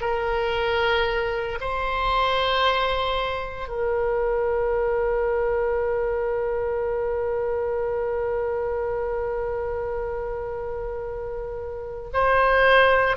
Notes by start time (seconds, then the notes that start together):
0.00 A#4
1.60 C5
3.68 A#4
12.13 C5